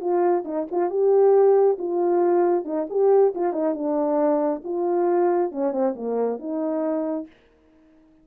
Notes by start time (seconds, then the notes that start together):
0.00 F4
0.45 D#4
0.71 F4
0.90 G4
1.78 F4
2.65 D#4
2.89 G4
3.35 F4
3.53 D#4
3.74 D4
4.64 F4
5.52 C#4
5.72 C4
5.95 A#3
6.39 D#4